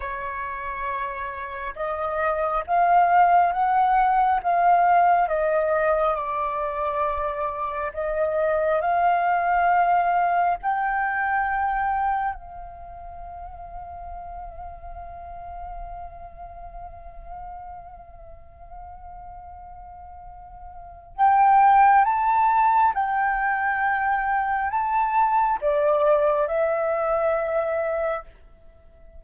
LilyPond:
\new Staff \with { instrumentName = "flute" } { \time 4/4 \tempo 4 = 68 cis''2 dis''4 f''4 | fis''4 f''4 dis''4 d''4~ | d''4 dis''4 f''2 | g''2 f''2~ |
f''1~ | f''1 | g''4 a''4 g''2 | a''4 d''4 e''2 | }